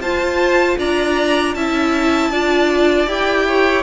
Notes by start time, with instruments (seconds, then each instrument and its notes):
0.00 cello F4, viola F4, violin C5 A5
0.78 cello D4, violin D5 A#5
1.55 cello C#4, viola E4, violin E5 A5
2.30 cello D4, viola F4, violin D5
3.07 cello E4, viola G4, violin G5
3.47 violin C#5